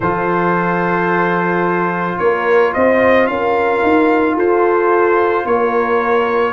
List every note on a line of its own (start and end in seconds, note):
0.00 2.17 F3
0.00 6.53 F4
0.00 2.18 A4
0.00 2.18 C5
2.18 2.74 A#3
2.18 2.75 A#4
2.18 2.72 C#5
2.73 3.27 C4
2.73 3.29 C5
2.73 3.26 D#5
3.26 3.82 C#4
3.26 4.35 A#4
3.26 4.35 F5
3.82 4.36 D#4
4.35 5.45 F4
4.35 5.44 A4
4.35 5.46 C5
5.45 6.53 A#3
5.45 6.53 A#4
5.45 6.53 C#5